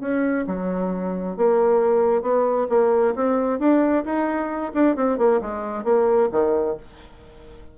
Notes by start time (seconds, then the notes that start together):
0.00 C#4
0.46 F#3
1.36 A#3
2.22 B3
2.69 A#3
3.15 C4
3.59 D4
4.05 D#4
4.73 D4
4.95 C4
5.18 A#3
5.41 G#3
5.84 A#3
6.31 D#3